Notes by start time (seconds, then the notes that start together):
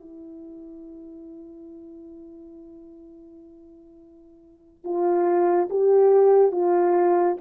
0.00 E4
4.84 F4
5.70 G4
6.52 F4